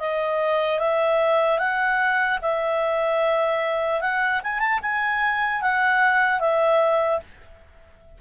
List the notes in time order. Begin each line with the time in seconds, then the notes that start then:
0.00 D#5
0.79 E5
1.59 F#5
2.42 E5
4.01 F#5
4.44 G#5
4.60 A5
4.83 G#5
5.62 F#5
6.40 E5